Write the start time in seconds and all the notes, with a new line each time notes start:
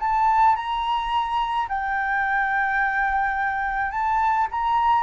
0.00 A5
0.56 A#5
1.69 G5
3.92 A5
4.51 A#5